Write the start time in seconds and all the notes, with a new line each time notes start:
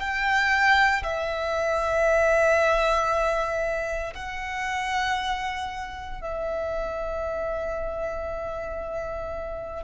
0.00 G5
1.03 E5
4.15 F#5
6.22 E5